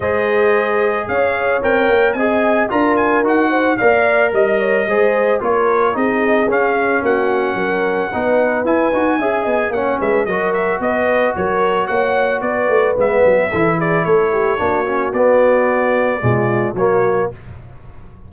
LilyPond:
<<
  \new Staff \with { instrumentName = "trumpet" } { \time 4/4 \tempo 4 = 111 dis''2 f''4 g''4 | gis''4 ais''8 gis''8 fis''4 f''4 | dis''2 cis''4 dis''4 | f''4 fis''2. |
gis''2 fis''8 e''8 dis''8 e''8 | dis''4 cis''4 fis''4 d''4 | e''4. d''8 cis''2 | d''2. cis''4 | }
  \new Staff \with { instrumentName = "horn" } { \time 4/4 c''2 cis''2 | dis''4 ais'4. c''8 d''4 | dis''8 cis''8 c''4 ais'4 gis'4~ | gis'4 fis'4 ais'4 b'4~ |
b'4 e''8 dis''8 cis''8 b'8 ais'4 | b'4 ais'4 cis''4 b'4~ | b'4 a'8 gis'8 a'8 g'8 fis'4~ | fis'2 f'4 fis'4 | }
  \new Staff \with { instrumentName = "trombone" } { \time 4/4 gis'2. ais'4 | gis'4 f'4 fis'4 ais'4~ | ais'4 gis'4 f'4 dis'4 | cis'2. dis'4 |
e'8 fis'8 gis'4 cis'4 fis'4~ | fis'1 | b4 e'2 d'8 cis'8 | b2 gis4 ais4 | }
  \new Staff \with { instrumentName = "tuba" } { \time 4/4 gis2 cis'4 c'8 ais8 | c'4 d'4 dis'4 ais4 | g4 gis4 ais4 c'4 | cis'4 ais4 fis4 b4 |
e'8 dis'8 cis'8 b8 ais8 gis8 fis4 | b4 fis4 ais4 b8 a8 | gis8 fis8 e4 a4 ais4 | b2 b,4 fis4 | }
>>